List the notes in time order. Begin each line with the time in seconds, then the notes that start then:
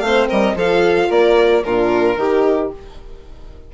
0.00 A3 C4 F5
0.07 C5
0.28 G3 A#4 D#5
0.55 F3 F4 A4 F5
1.09 A#3 A#4 D5
1.64 A#2 D4 F4 A#4
2.17 D#3 D#4 G4